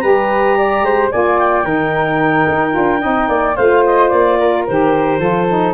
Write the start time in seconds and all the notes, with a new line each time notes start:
0.00 G3 G4 B4 A#5
0.58 D5
0.82 G#3 C5
1.11 A#3 F4 D5 G#5
1.39 G5
1.64 D#3 D#4 A#4
2.49 D#4
2.72 D4 F4
3.00 C4 D#4 D#5
3.28 A#3 D5
3.56 A3 F4 C5 F5
3.86 D#5
4.09 A#3 D5
4.40 A#4
4.67 D#3 G4 C5
5.19 F3 F4 A4
5.49 D#4